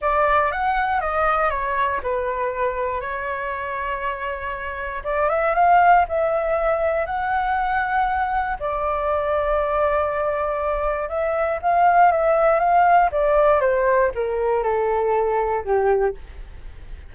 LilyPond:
\new Staff \with { instrumentName = "flute" } { \time 4/4 \tempo 4 = 119 d''4 fis''4 dis''4 cis''4 | b'2 cis''2~ | cis''2 d''8 e''8 f''4 | e''2 fis''2~ |
fis''4 d''2.~ | d''2 e''4 f''4 | e''4 f''4 d''4 c''4 | ais'4 a'2 g'4 | }